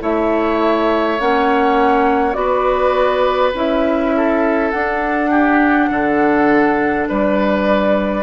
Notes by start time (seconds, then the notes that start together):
0.00 A3 E4 C#5 E5
1.19 A#3 C#4 F#5
2.33 B3 F#4 D5
2.39 B4
3.53 C#4 E4 E5
4.16 A4
4.70 D4 F#5
5.30 G4
5.90 D3 A4
7.08 G3 B4 D5